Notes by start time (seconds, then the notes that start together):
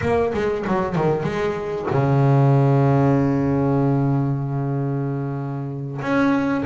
0.01 A#3
0.33 G#3
0.67 F#3
0.95 D#3
1.23 G#3
1.90 C#3
6.01 C#4